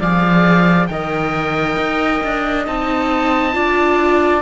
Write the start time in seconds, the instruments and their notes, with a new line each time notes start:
0.00 cello F3, viola G#4, flute D5, oboe F5
0.87 cello D#3, viola A#4, flute D#5, oboe G5
1.77 cello D#4
2.24 cello D4
2.67 cello C4, viola D#4, oboe A5
3.53 cello D4, viola F4, flute D5